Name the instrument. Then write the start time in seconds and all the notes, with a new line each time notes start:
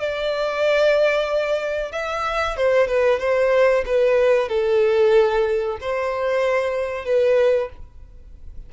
violin
0.00 D5
1.92 E5
2.57 C5
2.88 B4
3.20 C5
3.87 B4
4.49 A4
5.81 C5
7.06 B4